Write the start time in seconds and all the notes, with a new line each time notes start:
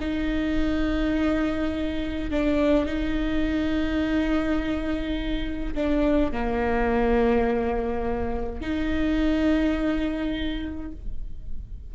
0.00 D#4
2.30 D4
2.86 D#4
5.75 D4
6.32 A#3
8.61 D#4